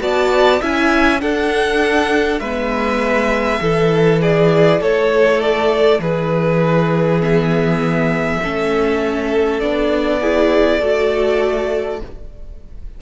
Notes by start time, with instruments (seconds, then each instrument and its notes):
0.00 cello B3, viola F#4, violin D5 A5
0.61 cello C#4, viola E4, violin E5 G#5
1.20 viola D4, cello D4, violin A4 F#5
2.40 cello G#3, viola B3, violin B4 E5
3.61 cello E3, viola E4, violin A4
4.22 violin G#4 D5
4.81 cello A3, violin A4 C#5
5.41 violin D5
5.99 cello E3, violin G#4 B4
7.21 viola B3, violin E5
8.44 cello A3, viola C#4, violin A4
9.60 cello B3, viola D4, violin D5
10.21 viola E4, violin G#4
10.80 cello A3, viola F#4, violin A4